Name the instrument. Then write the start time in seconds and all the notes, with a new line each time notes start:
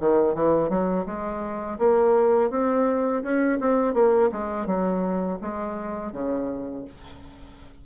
bassoon
0.00 D#3
0.35 E3
0.70 F#3
1.06 G#3
1.79 A#3
2.51 C4
3.24 C#4
3.60 C4
3.94 A#3
4.32 G#3
4.67 F#3
5.42 G#3
6.13 C#3